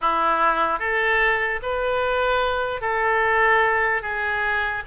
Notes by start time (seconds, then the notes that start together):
0.01 E4
0.79 A4
1.62 B4
2.81 A4
4.01 G#4